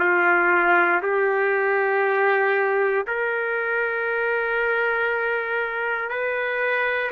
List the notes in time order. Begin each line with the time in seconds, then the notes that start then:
0.00 F4
1.02 G4
3.07 A#4
6.10 B4